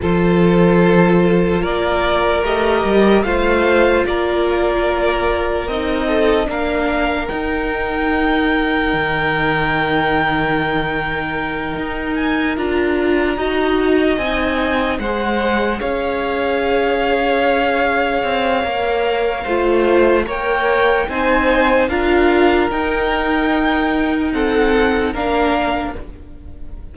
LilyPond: <<
  \new Staff \with { instrumentName = "violin" } { \time 4/4 \tempo 4 = 74 c''2 d''4 dis''4 | f''4 d''2 dis''4 | f''4 g''2.~ | g''2. gis''8 ais''8~ |
ais''4. gis''4 fis''4 f''8~ | f''1~ | f''4 g''4 gis''4 f''4 | g''2 fis''4 f''4 | }
  \new Staff \with { instrumentName = "violin" } { \time 4/4 a'2 ais'2 | c''4 ais'2~ ais'8 a'8 | ais'1~ | ais'1~ |
ais'8 dis''2 c''4 cis''8~ | cis''1 | c''4 cis''4 c''4 ais'4~ | ais'2 a'4 ais'4 | }
  \new Staff \with { instrumentName = "viola" } { \time 4/4 f'2. g'4 | f'2. dis'4 | d'4 dis'2.~ | dis'2.~ dis'8 f'8~ |
f'8 fis'4 dis'4 gis'4.~ | gis'2. ais'4 | f'4 ais'4 dis'4 f'4 | dis'2 c'4 d'4 | }
  \new Staff \with { instrumentName = "cello" } { \time 4/4 f2 ais4 a8 g8 | a4 ais2 c'4 | ais4 dis'2 dis4~ | dis2~ dis8 dis'4 d'8~ |
d'8 dis'4 c'4 gis4 cis'8~ | cis'2~ cis'8 c'8 ais4 | a4 ais4 c'4 d'4 | dis'2. ais4 | }
>>